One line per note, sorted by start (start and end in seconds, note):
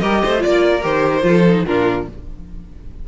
0.00 0.23 G3
0.00 0.39 G4
0.00 0.22 A#4
0.00 0.41 D#5
0.23 0.45 A3
0.23 0.43 C5
0.39 0.80 F4
0.39 0.64 D5
0.39 0.85 D5
0.45 0.85 A#3
0.64 1.25 A#4
0.83 1.24 D#3
0.83 1.22 G4
0.83 1.66 C5
1.22 1.65 F3
1.22 1.43 F4
1.22 1.67 A4
1.49 1.67 D#4
1.66 2.08 A#2
1.66 2.08 D4
1.66 2.08 F4
1.66 2.07 A#4